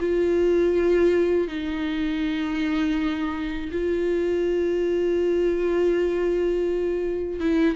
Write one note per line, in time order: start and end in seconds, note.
0.00 1.48 F4
1.48 3.70 D#4
3.72 7.40 F4
7.40 7.75 E4